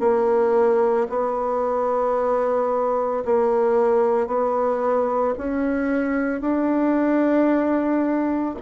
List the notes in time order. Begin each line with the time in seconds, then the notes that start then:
0.00 A#3
1.10 B3
3.25 A#3
4.27 B3
5.38 C#4
6.41 D4